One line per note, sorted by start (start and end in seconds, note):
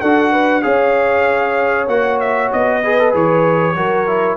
0.00 0.65 D4
0.00 0.62 F#4
0.00 0.32 A4
0.00 0.62 F#5
0.32 0.63 B4
0.62 1.87 C#4
0.62 1.87 G#4
0.62 2.82 C#5
0.62 1.87 F5
1.87 2.50 A#3
1.87 2.83 F#4
1.87 2.19 F#5
2.20 2.51 E5
2.52 3.13 B3
2.52 3.14 D#5
2.82 2.99 G#4
2.82 3.76 B4
2.99 3.11 A4
3.11 3.75 E3
3.11 3.74 G#4
3.11 4.36 C#5
3.75 4.36 F#3
3.75 4.06 F#4
3.75 4.36 A#4
4.07 4.36 E4